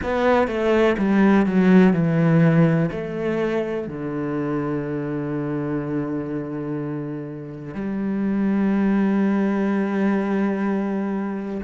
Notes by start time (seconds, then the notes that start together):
0.03 B3
0.47 A3
0.98 G3
1.46 F#3
1.93 E3
2.91 A3
3.87 D3
7.74 G3